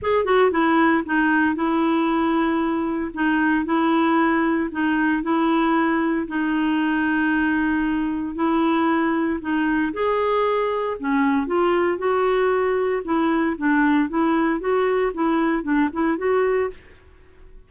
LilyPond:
\new Staff \with { instrumentName = "clarinet" } { \time 4/4 \tempo 4 = 115 gis'8 fis'8 e'4 dis'4 e'4~ | e'2 dis'4 e'4~ | e'4 dis'4 e'2 | dis'1 |
e'2 dis'4 gis'4~ | gis'4 cis'4 f'4 fis'4~ | fis'4 e'4 d'4 e'4 | fis'4 e'4 d'8 e'8 fis'4 | }